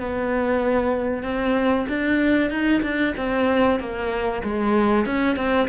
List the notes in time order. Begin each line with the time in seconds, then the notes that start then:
0.00 B3
1.23 C4
1.89 D4
2.50 D#4
2.82 D4
3.17 C4
3.80 A#3
4.44 G#3
5.06 C#4
5.36 C4